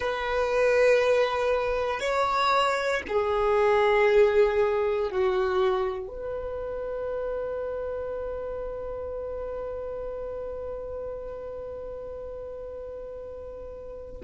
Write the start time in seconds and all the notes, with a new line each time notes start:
0.00 B4
2.00 C#5
3.07 G#4
5.11 F#4
6.07 B4